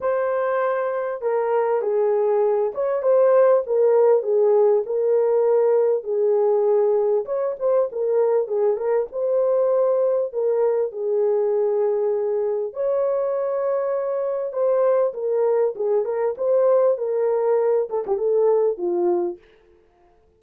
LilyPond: \new Staff \with { instrumentName = "horn" } { \time 4/4 \tempo 4 = 99 c''2 ais'4 gis'4~ | gis'8 cis''8 c''4 ais'4 gis'4 | ais'2 gis'2 | cis''8 c''8 ais'4 gis'8 ais'8 c''4~ |
c''4 ais'4 gis'2~ | gis'4 cis''2. | c''4 ais'4 gis'8 ais'8 c''4 | ais'4. a'16 g'16 a'4 f'4 | }